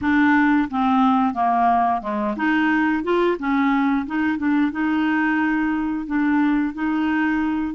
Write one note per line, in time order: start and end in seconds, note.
0.01 0.68 D4
0.70 1.34 C4
1.34 2.01 A#3
2.01 2.35 G#3
2.36 3.03 D#4
3.03 3.37 F4
3.38 4.06 C#4
4.06 4.38 D#4
4.38 4.71 D4
4.71 6.06 D#4
6.06 6.74 D4
6.74 7.74 D#4